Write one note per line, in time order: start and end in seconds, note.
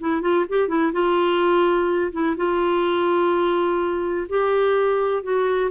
0.00 0.21 E4
0.21 0.45 F4
0.48 0.68 G4
0.68 0.92 E4
0.92 2.11 F4
2.12 2.36 E4
2.36 4.27 F4
4.29 5.23 G4
5.23 5.70 F#4